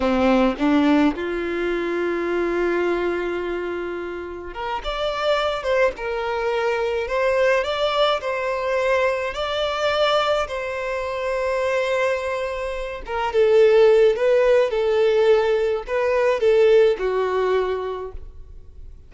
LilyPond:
\new Staff \with { instrumentName = "violin" } { \time 4/4 \tempo 4 = 106 c'4 d'4 f'2~ | f'1 | ais'8 d''4. c''8 ais'4.~ | ais'8 c''4 d''4 c''4.~ |
c''8 d''2 c''4.~ | c''2. ais'8 a'8~ | a'4 b'4 a'2 | b'4 a'4 fis'2 | }